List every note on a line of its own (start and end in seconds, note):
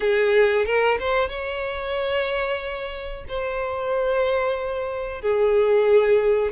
0.00 0.65 G#4
0.65 0.98 A#4
0.99 1.29 C5
1.29 3.24 C#5
3.28 5.21 C5
5.21 6.51 G#4